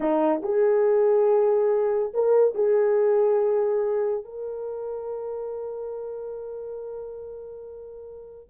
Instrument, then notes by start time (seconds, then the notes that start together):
horn
0.00 D#4
0.43 G#4
2.13 A#4
2.54 G#4
4.24 A#4